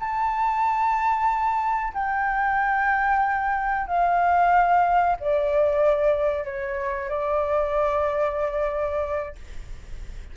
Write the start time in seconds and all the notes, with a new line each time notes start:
0.00 A5
1.94 G5
3.88 F5
5.20 D5
6.45 C#5
7.10 D5